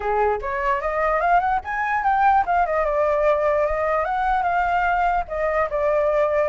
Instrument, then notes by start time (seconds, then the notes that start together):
flute
0.00 G#4
0.41 C#5
0.81 D#5
1.20 F5
1.39 F#5
1.64 G#5
2.03 G5
2.46 F5
2.66 D#5
2.85 D5
3.65 D#5
4.04 F#5
4.43 F5
5.28 D#5
5.70 D5